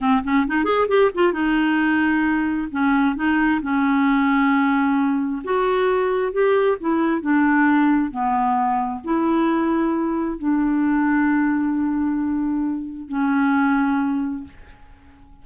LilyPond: \new Staff \with { instrumentName = "clarinet" } { \time 4/4 \tempo 4 = 133 c'8 cis'8 dis'8 gis'8 g'8 f'8 dis'4~ | dis'2 cis'4 dis'4 | cis'1 | fis'2 g'4 e'4 |
d'2 b2 | e'2. d'4~ | d'1~ | d'4 cis'2. | }